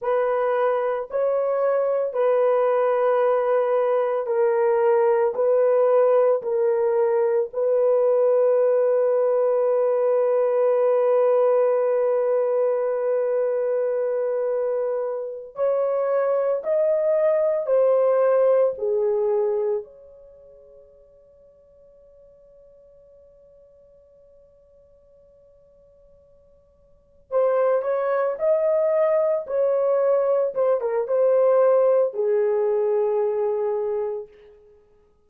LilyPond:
\new Staff \with { instrumentName = "horn" } { \time 4/4 \tempo 4 = 56 b'4 cis''4 b'2 | ais'4 b'4 ais'4 b'4~ | b'1~ | b'2~ b'8 cis''4 dis''8~ |
dis''8 c''4 gis'4 cis''4.~ | cis''1~ | cis''4. c''8 cis''8 dis''4 cis''8~ | cis''8 c''16 ais'16 c''4 gis'2 | }